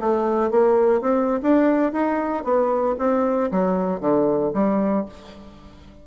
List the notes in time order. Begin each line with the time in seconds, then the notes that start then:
0.00 A3
0.51 A#3
1.02 C4
1.42 D4
1.92 D#4
2.44 B3
2.99 C4
3.51 F#3
4.00 D3
4.54 G3